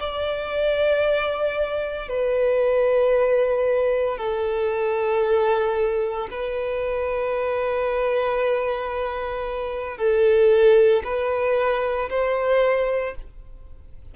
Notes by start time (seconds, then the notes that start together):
0.00 D5
2.09 B4
4.18 A4
6.31 B4
9.98 A4
11.04 B4
12.10 C5